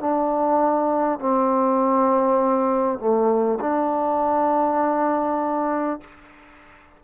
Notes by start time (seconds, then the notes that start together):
0.00 D4
1.19 C4
2.98 A3
3.60 D4